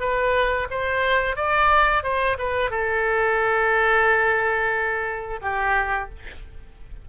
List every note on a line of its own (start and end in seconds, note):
0.00 0.67 B4
0.70 1.36 C5
1.36 2.03 D5
2.03 2.37 C5
2.38 2.70 B4
2.70 5.40 A4
5.42 6.09 G4